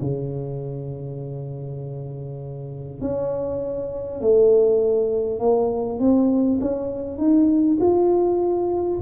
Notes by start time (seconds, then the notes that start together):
0.00 C#3
3.00 C#4
4.20 A3
5.39 A#3
5.99 C4
6.60 C#4
7.17 D#4
7.79 F4